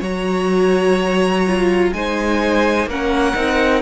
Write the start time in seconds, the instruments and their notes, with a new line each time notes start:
0.00 cello F#3, viola F#4, violin C#5 A#5
1.47 viola F4
1.93 cello G#3, viola D#4, violin C5 G#5
2.86 cello A#3, viola C#4, violin A#4 F#5
3.36 cello C4, viola D#4